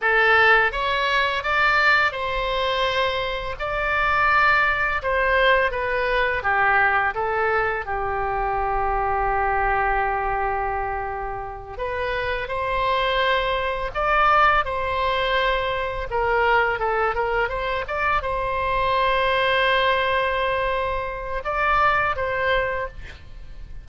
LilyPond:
\new Staff \with { instrumentName = "oboe" } { \time 4/4 \tempo 4 = 84 a'4 cis''4 d''4 c''4~ | c''4 d''2 c''4 | b'4 g'4 a'4 g'4~ | g'1~ |
g'8 b'4 c''2 d''8~ | d''8 c''2 ais'4 a'8 | ais'8 c''8 d''8 c''2~ c''8~ | c''2 d''4 c''4 | }